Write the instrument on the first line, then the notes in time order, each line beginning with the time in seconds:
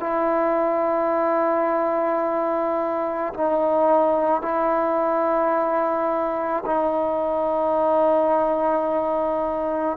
trombone
0.00 E4
3.34 D#4
4.42 E4
6.66 D#4